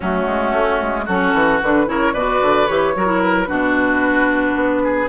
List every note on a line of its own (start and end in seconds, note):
0.00 0.26 F#3
0.00 1.08 A3
0.00 1.05 C#4
0.00 1.04 F#4
0.26 0.51 G#3
0.51 0.78 A3
0.81 1.08 G#3
1.05 1.33 F#3
1.05 1.62 C#4
1.05 1.85 F#4
1.05 1.60 A4
1.33 1.60 E3
1.62 1.87 D3
1.62 1.86 D4
1.62 1.88 B4
1.86 2.14 C#3
1.86 2.13 E4
1.86 2.13 A#4
1.86 2.14 C#5
2.13 2.41 B2
2.13 2.67 F#4
2.13 2.93 B4
2.13 2.67 D5
2.41 2.68 D3
2.67 2.95 E3
2.67 2.94 G4
2.67 3.21 C#5
2.95 3.49 F#3
2.95 3.06 F#4
2.95 3.48 A#4
3.06 3.46 E4
3.21 5.08 B4
3.46 4.55 B2
3.46 5.07 D4
3.46 4.82 F#4
4.55 5.08 B3
4.83 5.08 G#4